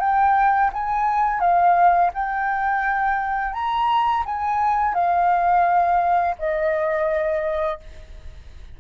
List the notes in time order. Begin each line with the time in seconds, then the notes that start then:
0.00 G5
0.73 G#5
1.40 F5
2.14 G5
3.53 A#5
4.25 G#5
4.94 F5
6.39 D#5